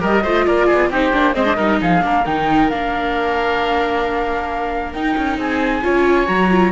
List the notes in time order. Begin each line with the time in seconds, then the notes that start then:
0.00 G3 G4 A#4 D#5
0.23 A3 F4 C5
0.46 A#3 A#4 D5
0.66 G#4
0.73 B3
0.90 C4 D#4 G4 C5
1.12 A#3 D4
1.34 G#3 C4 C5 D#5
1.45 D4
1.56 G3 D#4 A#4
1.81 F3 G#4 F5
2.02 A#3 D4 A#4
2.25 D#3 D#4 G5
2.70 A#3 D4 F5
4.93 D#4 G5
5.17 C#4
5.38 C4 G#4 G#5
5.82 C#4 F4 C#5
6.25 F#3 F#4 A#5
6.51 F4